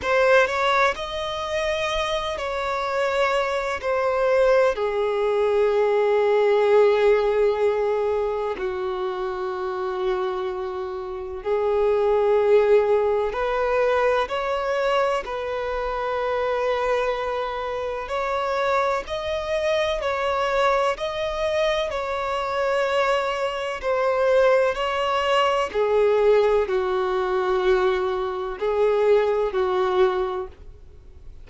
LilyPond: \new Staff \with { instrumentName = "violin" } { \time 4/4 \tempo 4 = 63 c''8 cis''8 dis''4. cis''4. | c''4 gis'2.~ | gis'4 fis'2. | gis'2 b'4 cis''4 |
b'2. cis''4 | dis''4 cis''4 dis''4 cis''4~ | cis''4 c''4 cis''4 gis'4 | fis'2 gis'4 fis'4 | }